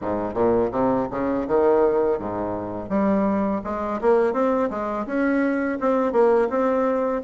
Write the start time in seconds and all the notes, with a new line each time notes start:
0.01 G#2
0.34 A#2
0.71 C3
1.10 C#3
1.47 D#3
2.19 G#2
2.89 G3
3.64 G#3
4.01 A#3
4.33 C4
4.70 G#3
5.06 C#4
5.80 C4
6.12 A#3
6.49 C4